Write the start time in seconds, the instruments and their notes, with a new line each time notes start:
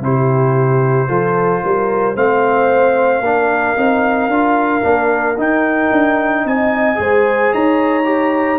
0.00 tuba C3, trombone E4, horn G4, trumpet C5
1.08 tuba F3, trombone F4, horn A4
1.63 tuba G3, horn A#4
2.15 tuba A3, trombone C4, horn C5, trumpet F5
3.20 tuba A#3, trombone D4, horn A#4
3.77 tuba C4, trombone D#4
4.28 tuba D4, trombone F4
4.81 tuba A#3, trombone D4
5.37 tuba D#4, trombone D#4, trumpet G5
5.92 tuba D4
6.45 tuba C4, horn D#5, trumpet G#5
6.95 tuba G#3, trombone G#4, horn C5
7.53 tuba D#4, horn C#5, trumpet A#5
8.05 trombone G4